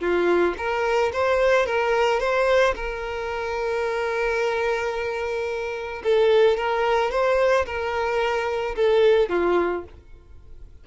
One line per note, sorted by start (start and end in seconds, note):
0.00 0.55 F4
0.58 1.12 A#4
1.13 1.66 C5
1.66 2.20 A#4
2.20 2.75 C5
2.75 6.02 A#4
6.03 6.58 A4
6.58 7.11 A#4
7.11 7.66 C5
7.66 8.75 A#4
8.76 9.30 A4
9.30 9.84 F4